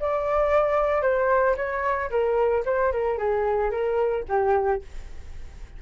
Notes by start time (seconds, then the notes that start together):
0.00 D5
1.02 C5
1.56 C#5
2.10 A#4
2.65 C5
2.92 A#4
3.18 G#4
3.71 A#4
4.29 G4